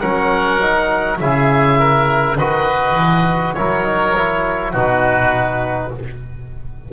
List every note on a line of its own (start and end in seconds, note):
0.00 1.20 F#3
0.00 0.60 C#4
0.00 1.18 A#4
0.00 1.18 F#5
0.62 1.19 D#4
1.19 2.38 C#3
1.19 2.37 E4
1.19 1.79 G#4
1.19 2.37 E5
1.79 2.37 A#4
2.37 2.95 D#3
2.37 3.56 F#4
2.37 3.55 B4
2.37 3.54 D#5
2.95 3.53 E3
3.54 4.74 F#3
3.54 3.85 E4
3.54 4.71 A#4
3.54 4.71 C#5
3.85 4.14 D#4
4.15 4.74 E4
4.71 5.91 B2
4.71 5.92 D#4
4.71 5.89 F#4
4.71 5.92 B4